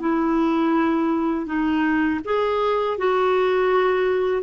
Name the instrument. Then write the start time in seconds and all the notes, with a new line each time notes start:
clarinet
0.00 E4
1.46 D#4
2.25 G#4
2.98 F#4